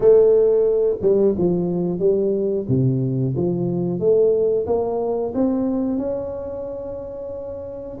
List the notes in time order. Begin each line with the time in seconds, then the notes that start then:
0.00 A3
1.01 G3
1.38 F3
1.99 G3
2.68 C3
3.36 F3
3.99 A3
4.66 A#3
5.34 C4
5.98 C#4